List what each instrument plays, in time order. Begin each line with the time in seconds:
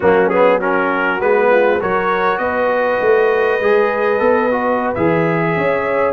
0.00 tuba F#3, trombone A#3, horn C#4, trumpet F#4
0.29 trombone B3, trumpet G#4
0.58 trombone C#4, horn F#4, trumpet A#4
1.20 tuba G#3, trombone B3, trumpet B4
1.50 horn F4
1.79 tuba F#3, trombone F#4, horn A#4, trumpet C#5
2.38 tuba B3, horn B4, trumpet D#5
3.00 tuba A3
3.60 tuba G#3, trombone G#4
4.19 tuba B3, trombone A4
4.51 trombone F#4
4.94 tuba E3, trombone G#4, trumpet E5
5.55 tuba C#4, horn C#5